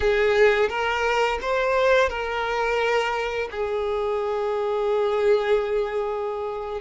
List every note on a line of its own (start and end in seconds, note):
0.00 0.69 G#4
0.69 1.39 A#4
1.41 2.09 C5
2.09 3.48 A#4
3.51 6.81 G#4